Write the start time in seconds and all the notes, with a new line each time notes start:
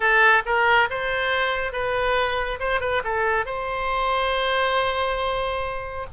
0.00 A4
0.45 A#4
0.90 C5
1.72 B4
2.59 C5
2.80 B4
3.04 A4
3.45 C5